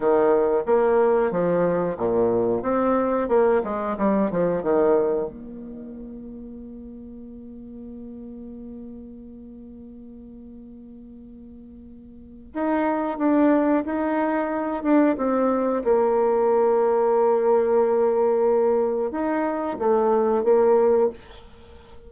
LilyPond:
\new Staff \with { instrumentName = "bassoon" } { \time 4/4 \tempo 4 = 91 dis4 ais4 f4 ais,4 | c'4 ais8 gis8 g8 f8 dis4 | ais1~ | ais1~ |
ais2. dis'4 | d'4 dis'4. d'8 c'4 | ais1~ | ais4 dis'4 a4 ais4 | }